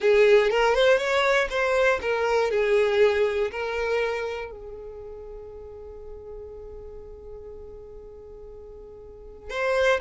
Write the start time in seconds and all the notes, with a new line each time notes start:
0.00 G#4
0.50 A#4
0.74 C5
0.97 C#5
1.50 C5
2.01 A#4
2.50 G#4
3.51 A#4
4.51 G#4
9.50 C5